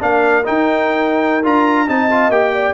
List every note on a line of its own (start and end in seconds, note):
0.00 0.46 A#3
0.00 0.44 D4
0.00 1.89 A#4
0.00 0.46 F5
0.44 1.43 D#4
0.44 1.45 D#4
0.44 1.45 G5
1.44 1.89 D4
1.44 1.88 F4
1.44 1.89 A#5
1.88 2.29 C4
1.88 2.10 D#4
1.88 2.54 D#5
1.88 2.31 A5
2.11 2.32 F4
2.29 2.73 A#3
2.29 2.74 G4
2.29 2.74 G5
2.54 2.74 D5